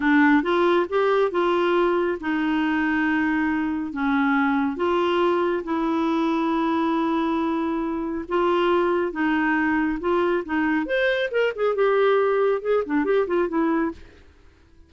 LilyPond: \new Staff \with { instrumentName = "clarinet" } { \time 4/4 \tempo 4 = 138 d'4 f'4 g'4 f'4~ | f'4 dis'2.~ | dis'4 cis'2 f'4~ | f'4 e'2.~ |
e'2. f'4~ | f'4 dis'2 f'4 | dis'4 c''4 ais'8 gis'8 g'4~ | g'4 gis'8 d'8 g'8 f'8 e'4 | }